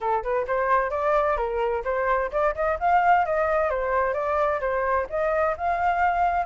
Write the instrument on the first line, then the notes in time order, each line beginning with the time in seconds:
flute
0.00 A4
0.23 B4
0.47 C5
0.90 D5
1.37 A#4
1.84 C5
2.31 D5
2.55 D#5
2.79 F5
3.25 D#5
3.70 C5
4.13 D5
4.60 C5
5.09 D#5
5.57 F5